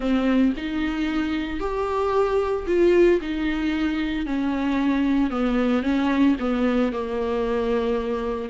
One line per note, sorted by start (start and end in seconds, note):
0.00 0.53 C4
0.56 1.60 D#4
1.60 2.66 G4
2.66 3.20 F4
3.21 4.26 D#4
4.26 5.30 C#4
5.30 5.83 B3
5.83 6.36 C#4
6.39 6.92 B3
6.92 8.49 A#3